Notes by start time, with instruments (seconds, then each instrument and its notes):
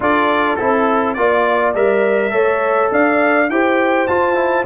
0.00 tuba D4, trombone F4, horn A4, trumpet D5
0.55 tuba C4, trombone E4, trumpet A4
1.14 tuba A#3, trombone F4, trumpet D5, horn D5
1.74 tuba G3, trombone A#4, trumpet E5
2.30 tuba A3, trombone A4, horn C#5
2.91 tuba D4, horn D5, trumpet F5
3.49 tuba E4, trombone G4, horn C5, trumpet G5
4.07 tuba F4, trombone F4, trumpet A5
4.35 trombone E4